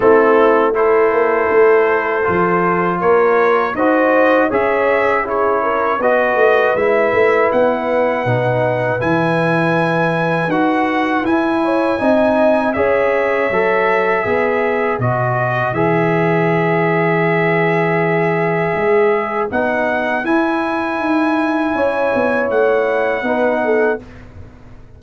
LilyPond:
<<
  \new Staff \with { instrumentName = "trumpet" } { \time 4/4 \tempo 4 = 80 a'4 c''2. | cis''4 dis''4 e''4 cis''4 | dis''4 e''4 fis''2 | gis''2 fis''4 gis''4~ |
gis''4 e''2. | dis''4 e''2.~ | e''2 fis''4 gis''4~ | gis''2 fis''2 | }
  \new Staff \with { instrumentName = "horn" } { \time 4/4 e'4 a'2. | ais'4 c''4 cis''4 gis'8 ais'8 | b'1~ | b'2.~ b'8 cis''8 |
dis''4 cis''2 b'4~ | b'1~ | b'1~ | b'4 cis''2 b'8 a'8 | }
  \new Staff \with { instrumentName = "trombone" } { \time 4/4 c'4 e'2 f'4~ | f'4 fis'4 gis'4 e'4 | fis'4 e'2 dis'4 | e'2 fis'4 e'4 |
dis'4 gis'4 a'4 gis'4 | fis'4 gis'2.~ | gis'2 dis'4 e'4~ | e'2. dis'4 | }
  \new Staff \with { instrumentName = "tuba" } { \time 4/4 a4. ais8 a4 f4 | ais4 dis'4 cis'2 | b8 a8 gis8 a8 b4 b,4 | e2 dis'4 e'4 |
c'4 cis'4 fis4 b4 | b,4 e2.~ | e4 gis4 b4 e'4 | dis'4 cis'8 b8 a4 b4 | }
>>